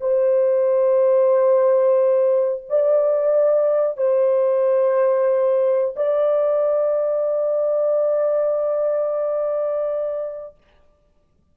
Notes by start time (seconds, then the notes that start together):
0.00 C5
2.69 D5
3.97 C5
5.96 D5